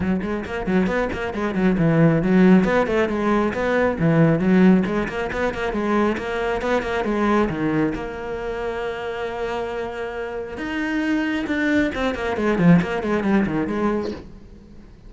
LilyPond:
\new Staff \with { instrumentName = "cello" } { \time 4/4 \tempo 4 = 136 fis8 gis8 ais8 fis8 b8 ais8 gis8 fis8 | e4 fis4 b8 a8 gis4 | b4 e4 fis4 gis8 ais8 | b8 ais8 gis4 ais4 b8 ais8 |
gis4 dis4 ais2~ | ais1 | dis'2 d'4 c'8 ais8 | gis8 f8 ais8 gis8 g8 dis8 gis4 | }